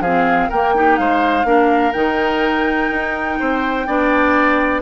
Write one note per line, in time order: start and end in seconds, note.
0.00 0.48 F3
0.00 0.52 C4
0.00 0.49 G#4
0.00 0.50 F5
0.49 0.99 A#3
0.49 0.75 A#3
0.49 0.73 A#4
0.49 0.96 G5
0.75 1.45 D#4
0.75 1.00 G4
0.96 1.45 G#3
0.96 1.47 C5
0.96 1.92 F5
1.45 1.93 A#3
1.45 1.93 D4
1.45 3.39 A#4
1.92 2.91 D#3
1.92 3.87 D#4
1.92 4.80 G5
2.91 3.39 D#4
3.40 3.88 C4
3.40 3.87 C5
3.87 4.82 B3
3.87 4.82 D4
3.87 4.82 D5